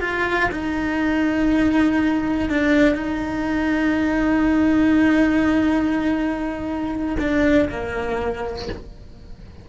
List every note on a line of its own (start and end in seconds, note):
0.00 0.50 F4
0.51 2.49 D#4
2.49 2.94 D4
2.94 7.16 D#4
7.19 7.69 D4
7.69 8.68 A#3